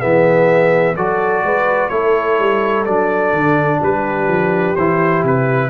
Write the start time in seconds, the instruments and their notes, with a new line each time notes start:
0.00 tuba E3, trombone B3, horn G#4, trumpet E5
0.97 tuba F#3, trombone F#4, horn A4, trumpet D5
1.44 tuba G#3, horn B4
1.89 tuba A3, trombone E4, horn A4, trumpet C#5
2.39 tuba G3
2.86 tuba F#3, trombone D4, trumpet D5
3.33 tuba D3
3.83 tuba G3, horn G4, trumpet B4
4.28 tuba F3
4.76 tuba E3, trombone E4, trumpet C5
5.24 tuba C3, trumpet B4